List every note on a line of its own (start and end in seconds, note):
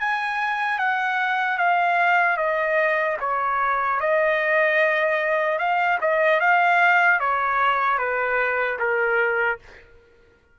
0.00 0.79 G#5
0.79 1.58 F#5
1.58 2.37 F5
2.37 3.17 D#5
3.20 4.00 C#5
4.00 5.59 D#5
5.59 5.99 F5
6.01 6.40 D#5
6.40 7.20 F5
7.20 7.99 C#5
7.99 8.79 B4
8.79 9.59 A#4